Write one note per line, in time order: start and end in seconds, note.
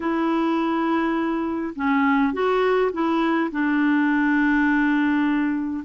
0.00 1.74 E4
1.75 2.33 C#4
2.33 2.91 F#4
2.92 3.50 E4
3.51 5.84 D4